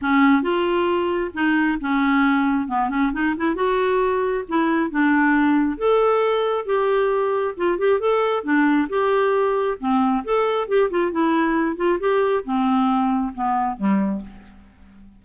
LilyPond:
\new Staff \with { instrumentName = "clarinet" } { \time 4/4 \tempo 4 = 135 cis'4 f'2 dis'4 | cis'2 b8 cis'8 dis'8 e'8 | fis'2 e'4 d'4~ | d'4 a'2 g'4~ |
g'4 f'8 g'8 a'4 d'4 | g'2 c'4 a'4 | g'8 f'8 e'4. f'8 g'4 | c'2 b4 g4 | }